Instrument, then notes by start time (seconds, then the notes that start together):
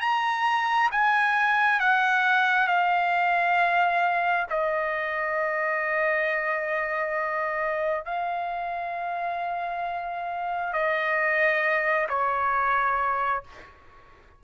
trumpet
0.00 A#5
0.91 G#5
1.80 F#5
2.67 F5
4.50 D#5
8.05 F5
10.73 D#5
12.09 C#5